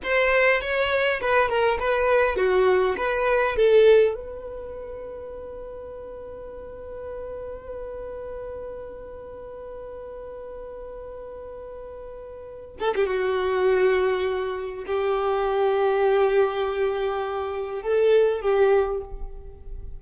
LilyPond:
\new Staff \with { instrumentName = "violin" } { \time 4/4 \tempo 4 = 101 c''4 cis''4 b'8 ais'8 b'4 | fis'4 b'4 a'4 b'4~ | b'1~ | b'1~ |
b'1~ | b'4. a'16 g'16 fis'2~ | fis'4 g'2.~ | g'2 a'4 g'4 | }